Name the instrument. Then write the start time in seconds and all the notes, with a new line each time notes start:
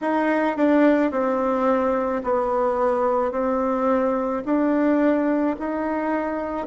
bassoon
0.01 D#4
0.56 D4
1.11 C4
2.23 B3
3.31 C4
4.44 D4
5.59 D#4